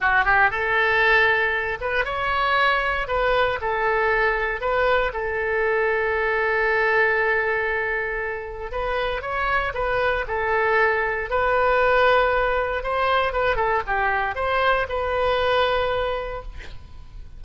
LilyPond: \new Staff \with { instrumentName = "oboe" } { \time 4/4 \tempo 4 = 117 fis'8 g'8 a'2~ a'8 b'8 | cis''2 b'4 a'4~ | a'4 b'4 a'2~ | a'1~ |
a'4 b'4 cis''4 b'4 | a'2 b'2~ | b'4 c''4 b'8 a'8 g'4 | c''4 b'2. | }